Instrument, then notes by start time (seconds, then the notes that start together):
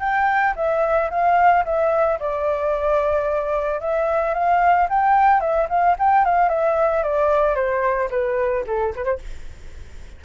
flute
0.00 G5
0.56 E5
1.11 F5
1.65 E5
2.20 D5
3.81 E5
4.34 F5
4.90 G5
5.41 E5
5.69 F5
5.99 G5
6.25 F5
6.49 E5
7.03 D5
7.56 C5
8.11 B4
8.67 A4
8.96 B4
9.05 C5